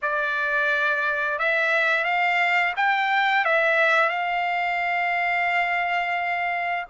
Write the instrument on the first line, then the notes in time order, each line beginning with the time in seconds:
trumpet
0.02 D5
1.38 E5
2.04 F5
2.76 G5
3.45 E5
4.09 F5